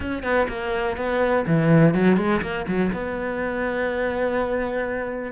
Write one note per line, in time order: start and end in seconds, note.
0.00 0.23 C#4
0.23 0.47 B3
0.48 0.97 A#3
0.97 1.45 B3
1.46 1.94 E3
1.94 2.16 F#3
2.16 2.41 G#3
2.41 2.65 A#3
2.67 2.91 F#3
2.92 5.32 B3